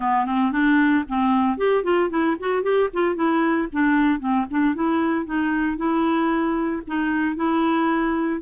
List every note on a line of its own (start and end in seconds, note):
0.00 0.25 B3
0.25 0.51 C4
0.51 1.04 D4
1.08 1.57 C4
1.57 1.83 G4
1.83 2.09 F4
2.10 2.36 E4
2.39 2.62 F#4
2.62 2.89 G4
2.93 3.15 F4
3.15 3.67 E4
3.72 4.19 D4
4.19 4.45 C4
4.50 4.74 D4
4.74 5.25 E4
5.25 5.77 D#4
5.77 6.82 E4
6.87 7.35 D#4
7.35 8.41 E4